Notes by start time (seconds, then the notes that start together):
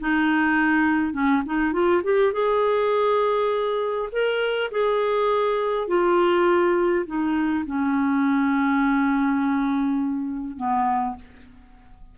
0.00 D#4
1.13 C#4
1.45 D#4
1.73 F4
2.04 G4
2.33 G#4
4.12 A#4
4.71 G#4
5.88 F4
7.06 D#4
7.66 C#4
10.57 B3